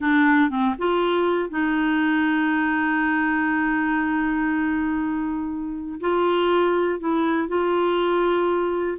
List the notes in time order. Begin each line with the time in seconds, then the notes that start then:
0.00 D4
0.50 C4
0.78 F4
1.49 D#4
6.00 F4
6.99 E4
7.48 F4